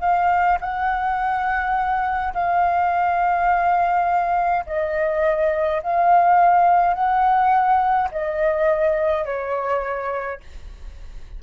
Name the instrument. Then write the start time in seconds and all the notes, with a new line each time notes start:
flute
0.00 F5
0.60 F#5
2.34 F5
4.66 D#5
5.83 F5
6.93 F#5
8.11 D#5
9.25 C#5